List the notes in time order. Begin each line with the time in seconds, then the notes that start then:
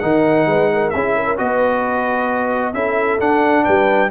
0.00 D#3 D#4 A#4 F#5
0.47 G#3 B4
0.73 A#4
0.90 C#4 G#4 E5
0.97 E4
1.16 A#4
1.38 B3 F#4 B4 D#5
2.74 C#4 E4 A4 E5
3.19 D4 F#5
3.64 G3 B4 G5